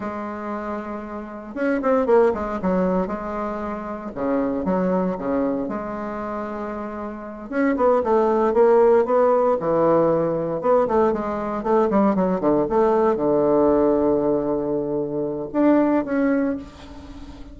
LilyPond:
\new Staff \with { instrumentName = "bassoon" } { \time 4/4 \tempo 4 = 116 gis2. cis'8 c'8 | ais8 gis8 fis4 gis2 | cis4 fis4 cis4 gis4~ | gis2~ gis8 cis'8 b8 a8~ |
a8 ais4 b4 e4.~ | e8 b8 a8 gis4 a8 g8 fis8 | d8 a4 d2~ d8~ | d2 d'4 cis'4 | }